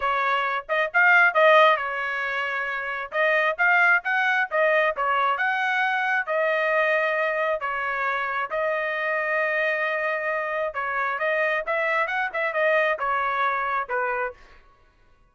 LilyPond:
\new Staff \with { instrumentName = "trumpet" } { \time 4/4 \tempo 4 = 134 cis''4. dis''8 f''4 dis''4 | cis''2. dis''4 | f''4 fis''4 dis''4 cis''4 | fis''2 dis''2~ |
dis''4 cis''2 dis''4~ | dis''1 | cis''4 dis''4 e''4 fis''8 e''8 | dis''4 cis''2 b'4 | }